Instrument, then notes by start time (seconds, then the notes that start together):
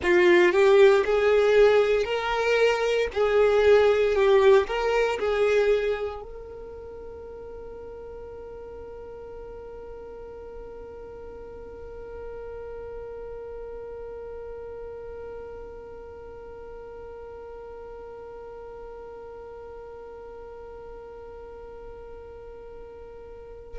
violin
0.03 F4
0.52 G4
1.05 G#4
2.04 A#4
3.13 G#4
4.15 G4
4.67 A#4
5.19 G#4
6.22 A#4